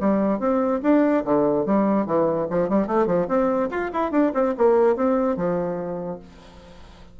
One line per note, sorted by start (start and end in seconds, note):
0.00 0.39 G3
0.39 0.81 C4
0.83 1.24 D4
1.25 1.66 D3
1.66 2.06 G3
2.06 2.47 E3
2.50 2.69 F3
2.69 2.87 G3
2.87 3.07 A3
3.07 3.27 F3
3.28 3.69 C4
3.71 3.91 F4
3.93 4.12 E4
4.12 4.32 D4
4.34 4.55 C4
4.57 4.96 A#3
4.96 5.37 C4
5.37 6.20 F3